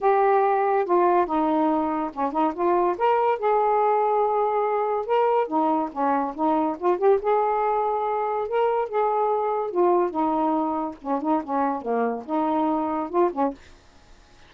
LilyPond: \new Staff \with { instrumentName = "saxophone" } { \time 4/4 \tempo 4 = 142 g'2 f'4 dis'4~ | dis'4 cis'8 dis'8 f'4 ais'4 | gis'1 | ais'4 dis'4 cis'4 dis'4 |
f'8 g'8 gis'2. | ais'4 gis'2 f'4 | dis'2 cis'8 dis'8 cis'4 | ais4 dis'2 f'8 cis'8 | }